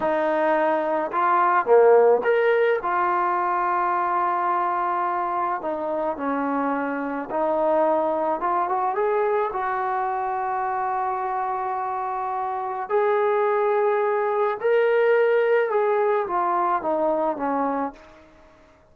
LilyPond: \new Staff \with { instrumentName = "trombone" } { \time 4/4 \tempo 4 = 107 dis'2 f'4 ais4 | ais'4 f'2.~ | f'2 dis'4 cis'4~ | cis'4 dis'2 f'8 fis'8 |
gis'4 fis'2.~ | fis'2. gis'4~ | gis'2 ais'2 | gis'4 f'4 dis'4 cis'4 | }